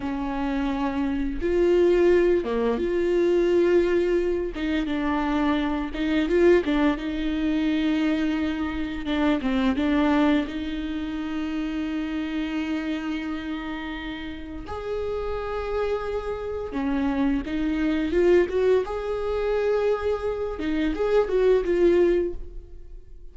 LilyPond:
\new Staff \with { instrumentName = "viola" } { \time 4/4 \tempo 4 = 86 cis'2 f'4. ais8 | f'2~ f'8 dis'8 d'4~ | d'8 dis'8 f'8 d'8 dis'2~ | dis'4 d'8 c'8 d'4 dis'4~ |
dis'1~ | dis'4 gis'2. | cis'4 dis'4 f'8 fis'8 gis'4~ | gis'4. dis'8 gis'8 fis'8 f'4 | }